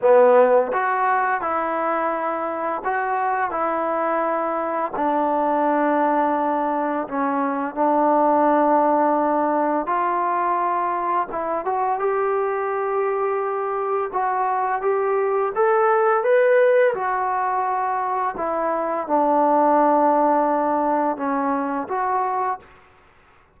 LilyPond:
\new Staff \with { instrumentName = "trombone" } { \time 4/4 \tempo 4 = 85 b4 fis'4 e'2 | fis'4 e'2 d'4~ | d'2 cis'4 d'4~ | d'2 f'2 |
e'8 fis'8 g'2. | fis'4 g'4 a'4 b'4 | fis'2 e'4 d'4~ | d'2 cis'4 fis'4 | }